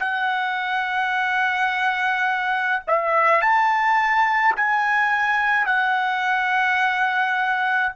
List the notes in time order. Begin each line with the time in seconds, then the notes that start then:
0.00 F#5
2.88 E5
3.42 A5
4.56 G#5
5.67 F#5